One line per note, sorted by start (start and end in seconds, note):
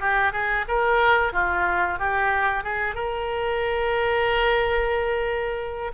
0.00 0.32 G4
0.32 0.65 G#4
0.68 1.33 A#4
1.33 1.99 F4
1.99 2.64 G4
2.64 2.95 G#4
2.95 5.92 A#4